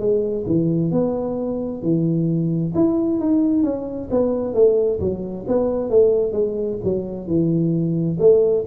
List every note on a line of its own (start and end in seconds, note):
0.00 0.45 G#3
0.47 0.92 E3
0.92 1.83 B3
1.83 2.74 E3
2.75 3.20 E4
3.20 3.64 D#4
3.64 4.09 C#4
4.11 4.55 B3
4.55 5.00 A3
5.00 5.46 F#3
5.48 5.90 B3
5.90 6.33 A3
6.33 6.78 G#3
6.84 7.28 F#3
7.28 8.19 E3
8.20 8.65 A3